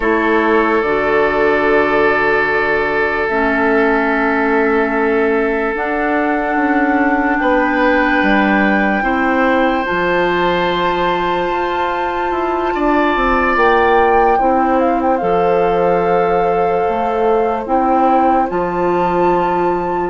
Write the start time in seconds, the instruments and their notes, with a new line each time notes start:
0.00 bassoon A3, clarinet E4, oboe A4, flute C#5
0.81 bassoon D3, clarinet F#4, flute D5
3.28 bassoon A3, clarinet C#4, flute E5
5.75 bassoon D4, clarinet D4, flute F#5
6.55 bassoon C#4
7.38 bassoon B3, oboe B4, flute G5
8.22 bassoon G3
9.02 bassoon C4, clarinet E4, oboe C5
9.85 bassoon F3, clarinet F4, flute A5
11.48 bassoon F4
12.30 bassoon E4
12.74 bassoon D4, oboe D5
13.15 bassoon C4
13.56 bassoon A#3, flute G5
14.38 bassoon C4, clarinet E4, oboe C5
14.80 flute F5
15.01 flute G5
15.17 bassoon F3, clarinet A4, flute F5
16.88 bassoon A3
17.65 bassoon C4, clarinet E4, flute G5
18.48 bassoon F3, clarinet F4, flute A5